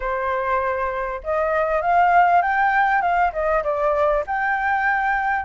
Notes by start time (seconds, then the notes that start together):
0.00 C5
1.23 D#5
1.81 F5
2.42 G5
3.01 F5
3.33 D#5
3.63 D5
4.26 G5